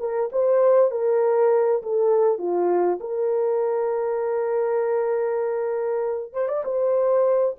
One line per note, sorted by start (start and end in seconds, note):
0.00 0.30 A#4
0.33 0.91 C5
0.91 1.82 A#4
1.83 2.39 A4
2.39 2.99 F4
3.01 6.33 A#4
6.33 6.48 C5
6.48 6.64 D5
6.65 7.56 C5